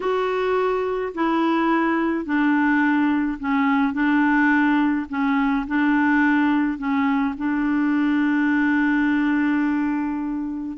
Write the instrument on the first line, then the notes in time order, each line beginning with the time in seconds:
clarinet
0.00 F#4
1.14 E4
2.25 D4
3.39 C#4
3.93 D4
5.09 C#4
5.67 D4
6.77 C#4
7.37 D4